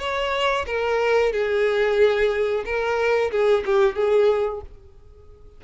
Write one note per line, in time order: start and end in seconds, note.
0.00 0.66 C#5
0.67 1.32 A#4
1.32 2.64 G#4
2.65 3.31 A#4
3.31 3.64 G#4
3.66 3.96 G4
3.96 4.62 G#4